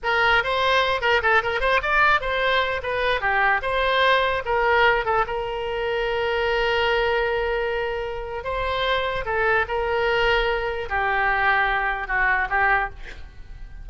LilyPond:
\new Staff \with { instrumentName = "oboe" } { \time 4/4 \tempo 4 = 149 ais'4 c''4. ais'8 a'8 ais'8 | c''8 d''4 c''4. b'4 | g'4 c''2 ais'4~ | ais'8 a'8 ais'2.~ |
ais'1~ | ais'4 c''2 a'4 | ais'2. g'4~ | g'2 fis'4 g'4 | }